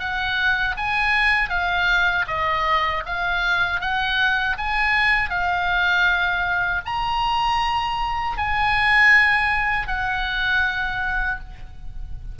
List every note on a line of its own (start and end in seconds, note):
0.00 0.76 F#5
0.77 1.50 G#5
1.50 2.26 F5
2.28 3.04 D#5
3.06 3.81 F5
3.81 4.57 F#5
4.58 5.30 G#5
5.30 6.82 F5
6.86 8.38 A#5
8.38 9.88 G#5
9.88 11.40 F#5